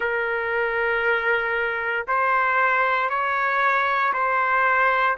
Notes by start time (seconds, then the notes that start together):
0.00 A#4
2.07 C5
3.09 C#5
4.13 C5